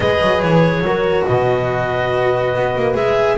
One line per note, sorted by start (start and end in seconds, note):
0.00 0.20 G#3
0.00 0.85 G#4
0.00 0.84 B4
0.00 0.41 D#5
0.20 0.42 F#3
0.41 0.80 E3
0.41 1.25 C#5
0.80 1.23 F#3
0.80 1.27 A#4
0.87 2.94 F#4
1.26 2.54 B2
1.26 3.37 B4
1.26 2.95 D#5
2.54 2.75 B3
2.76 2.95 A#3
2.94 3.37 G#3
2.94 3.36 G#4
2.94 3.37 E5